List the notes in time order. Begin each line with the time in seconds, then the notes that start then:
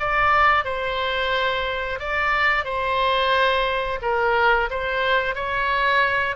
0.00 D5
0.65 C5
1.99 D5
2.65 C5
4.02 A#4
4.70 C5
5.35 C#5